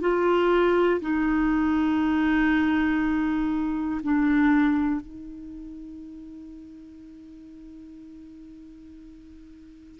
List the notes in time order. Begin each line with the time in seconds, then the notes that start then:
0.00 F4
1.00 D#4
4.03 D4
5.00 D#4